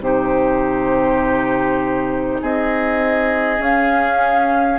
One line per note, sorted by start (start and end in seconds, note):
0.00 2.40 C3
0.00 3.58 D#4
0.00 2.41 G4
0.00 2.43 C5
2.41 3.59 C4
2.41 4.79 G#4
2.41 3.62 D#5
3.58 4.78 C#4
3.58 4.79 C#4
3.58 4.79 F5